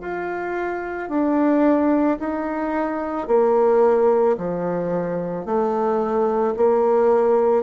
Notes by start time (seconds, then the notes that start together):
0.00 F4
1.09 D4
2.19 D#4
3.27 A#3
4.37 F3
5.45 A3
6.57 A#3